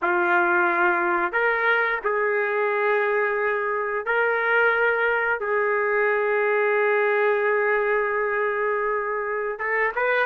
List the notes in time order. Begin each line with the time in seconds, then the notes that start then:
0.02 F4
1.32 A#4
2.03 G#4
4.05 A#4
5.40 G#4
9.58 A4
9.95 B4